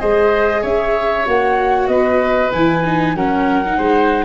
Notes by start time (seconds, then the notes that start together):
0.00 G#3 G#4 C5 D#5
0.62 C#4 C#5 E5
1.25 A#3 F#4 F#5
1.88 B3 B4 D#5
2.52 E3 E4 G#5
2.85 D#4
3.15 F#3 C#4 A#4 F#5
3.66 D#4
3.78 G#3 C5